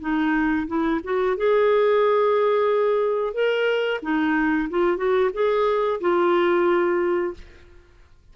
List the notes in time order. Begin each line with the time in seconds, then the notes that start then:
0.00 D#4
0.67 E4
1.04 F#4
1.37 G#4
3.34 A#4
4.02 D#4
4.70 F4
4.97 F#4
5.33 G#4
6.00 F4